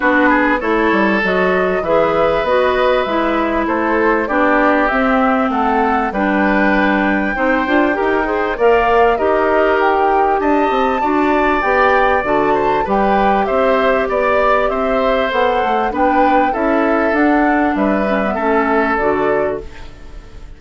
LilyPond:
<<
  \new Staff \with { instrumentName = "flute" } { \time 4/4 \tempo 4 = 98 b'4 cis''4 dis''4 e''4 | dis''4 e''4 c''4 d''4 | e''4 fis''4 g''2~ | g''2 f''4 dis''4 |
g''4 a''2 g''4 | a''4 g''4 e''4 d''4 | e''4 fis''4 g''4 e''4 | fis''4 e''2 d''4 | }
  \new Staff \with { instrumentName = "oboe" } { \time 4/4 fis'8 gis'8 a'2 b'4~ | b'2 a'4 g'4~ | g'4 a'4 b'2 | c''4 ais'8 c''8 d''4 ais'4~ |
ais'4 dis''4 d''2~ | d''8 c''8 b'4 c''4 d''4 | c''2 b'4 a'4~ | a'4 b'4 a'2 | }
  \new Staff \with { instrumentName = "clarinet" } { \time 4/4 d'4 e'4 fis'4 gis'4 | fis'4 e'2 d'4 | c'2 d'2 | dis'8 f'8 g'8 gis'8 ais'4 g'4~ |
g'2 fis'4 g'4 | fis'4 g'2.~ | g'4 a'4 d'4 e'4 | d'4. cis'16 b16 cis'4 fis'4 | }
  \new Staff \with { instrumentName = "bassoon" } { \time 4/4 b4 a8 g8 fis4 e4 | b4 gis4 a4 b4 | c'4 a4 g2 | c'8 d'8 dis'4 ais4 dis'4~ |
dis'4 d'8 c'8 d'4 b4 | d4 g4 c'4 b4 | c'4 b8 a8 b4 cis'4 | d'4 g4 a4 d4 | }
>>